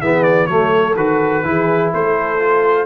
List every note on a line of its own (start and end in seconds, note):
0.00 0.48 E3
0.00 0.48 B3
0.00 0.48 G#4
0.00 0.23 E5
0.23 0.46 D5
0.46 0.95 F#3
0.46 0.96 A3
0.46 1.46 A4
0.46 0.94 C#5
0.95 1.43 D#3
0.95 1.44 F#4
0.95 1.91 B4
1.44 1.92 E3
1.44 2.39 E4
1.44 1.93 G#4
1.93 2.85 A3
1.93 2.85 A4
1.93 2.85 C5
2.39 2.85 F4